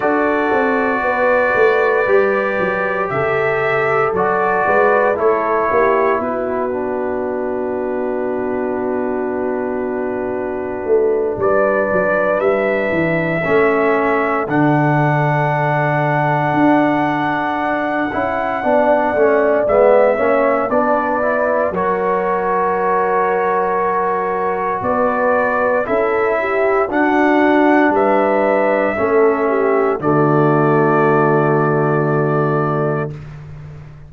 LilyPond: <<
  \new Staff \with { instrumentName = "trumpet" } { \time 4/4 \tempo 4 = 58 d''2. e''4 | d''4 cis''4 b'2~ | b'2. d''4 | e''2 fis''2~ |
fis''2. e''4 | d''4 cis''2. | d''4 e''4 fis''4 e''4~ | e''4 d''2. | }
  \new Staff \with { instrumentName = "horn" } { \time 4/4 a'4 b'2 a'4~ | a'8 b'8 a'8 g'8 fis'2~ | fis'2. b'4~ | b'4 a'2.~ |
a'2 d''4. cis''8 | b'4 ais'2. | b'4 a'8 g'8 fis'4 b'4 | a'8 g'8 fis'2. | }
  \new Staff \with { instrumentName = "trombone" } { \time 4/4 fis'2 g'2 | fis'4 e'4. d'4.~ | d'1~ | d'4 cis'4 d'2~ |
d'4. e'8 d'8 cis'8 b8 cis'8 | d'8 e'8 fis'2.~ | fis'4 e'4 d'2 | cis'4 a2. | }
  \new Staff \with { instrumentName = "tuba" } { \time 4/4 d'8 c'8 b8 a8 g8 fis8 cis4 | fis8 gis8 a8 ais8 b2~ | b2~ b8 a8 g8 fis8 | g8 e8 a4 d2 |
d'4. cis'8 b8 a8 gis8 ais8 | b4 fis2. | b4 cis'4 d'4 g4 | a4 d2. | }
>>